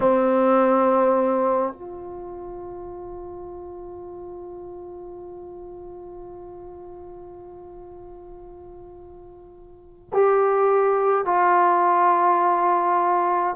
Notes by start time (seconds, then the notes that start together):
0.00 C4
1.73 F4
10.13 G4
11.25 F4